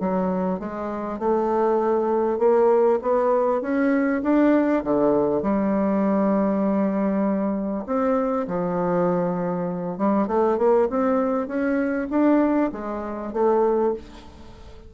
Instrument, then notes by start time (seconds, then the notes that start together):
bassoon
0.00 F#3
0.60 G#3
1.19 A3
2.39 A#3
3.02 B3
3.61 C#4
4.23 D4
4.84 D3
5.42 G3
7.87 C4
8.48 F3
9.98 G3
10.28 A3
10.58 A#3
10.90 C4
11.48 C#4
12.11 D4
12.72 G#3
13.34 A3